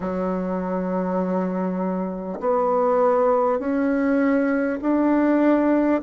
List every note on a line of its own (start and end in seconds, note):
0.00 2.39 F#3
2.39 3.59 B3
3.59 4.79 C#4
4.81 6.01 D4